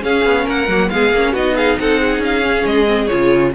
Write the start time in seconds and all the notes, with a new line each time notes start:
0.00 C#4 G#4 F5
0.25 B3
0.45 A#3 A#4 F#5
0.68 F#3 A#3
0.89 G#3 B3 G#4 F5
1.12 A#3 C#4
1.32 B3 D#4 F#4 D#5
1.57 G#4 F5
1.79 C4 A4 F#5
2.00 G#4
2.19 C#4 F5
2.42 C#4
2.65 G#3 D#5
2.86 C4
3.07 C#3 F4 C#5